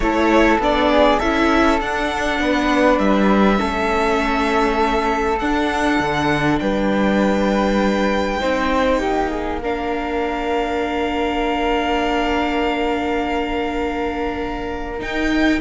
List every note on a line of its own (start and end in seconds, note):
0.00 0.57 A3
0.00 0.61 E4
0.00 0.91 A4
0.00 0.58 C#5
0.58 1.18 B3
0.58 1.21 D4
0.58 1.19 D5
0.91 1.19 G#4
1.19 1.80 C#4
1.19 1.81 E4
1.19 2.39 A4
1.19 1.79 E5
1.80 2.39 D4
1.80 3.57 D4
1.80 2.98 F#5
2.39 2.98 B3
2.39 3.59 B4
2.98 3.58 G3
2.98 5.38 E5
3.57 5.41 A3
3.57 5.37 C#4
3.57 6.59 A4
5.38 5.99 D4
5.38 8.39 D4
5.38 6.58 F#5
5.99 6.59 D3
6.59 8.41 G3
6.59 8.40 B4
6.59 9.59 G5
8.39 9.00 C4
8.39 9.59 D#4
8.39 8.99 C5
8.99 15.00 A#3
8.99 9.29 G4
9.29 9.59 G#4
9.61 14.99 D4
9.61 15.61 A#4
9.61 15.01 F5
14.99 15.59 D#4
14.99 15.61 D#4
14.99 15.61 G5